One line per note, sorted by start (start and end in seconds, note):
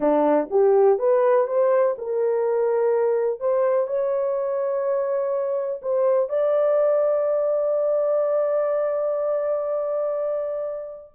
0.00 0.48 D4
0.50 0.98 G4
0.98 1.47 B4
1.47 1.95 C5
1.98 3.40 A#4
3.40 3.87 C5
3.87 5.80 C#5
5.82 6.29 C5
6.29 11.13 D5